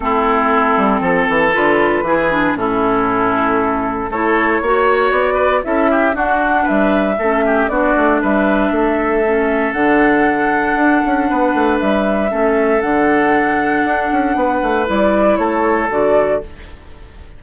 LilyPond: <<
  \new Staff \with { instrumentName = "flute" } { \time 4/4 \tempo 4 = 117 a'2. b'4~ | b'4 a'2. | cis''2 d''4 e''4 | fis''4 e''2 d''4 |
e''2. fis''4~ | fis''2. e''4~ | e''4 fis''2.~ | fis''4 d''4 cis''4 d''4 | }
  \new Staff \with { instrumentName = "oboe" } { \time 4/4 e'2 a'2 | gis'4 e'2. | a'4 cis''4. b'8 a'8 g'8 | fis'4 b'4 a'8 g'8 fis'4 |
b'4 a'2.~ | a'2 b'2 | a'1 | b'2 a'2 | }
  \new Staff \with { instrumentName = "clarinet" } { \time 4/4 c'2. f'4 | e'8 d'8 cis'2. | e'4 fis'2 e'4 | d'2 cis'4 d'4~ |
d'2 cis'4 d'4~ | d'1 | cis'4 d'2.~ | d'4 e'2 fis'4 | }
  \new Staff \with { instrumentName = "bassoon" } { \time 4/4 a4. g8 f8 e8 d4 | e4 a,2. | a4 ais4 b4 cis'4 | d'4 g4 a4 b8 a8 |
g4 a2 d4~ | d4 d'8 cis'8 b8 a8 g4 | a4 d2 d'8 cis'8 | b8 a8 g4 a4 d4 | }
>>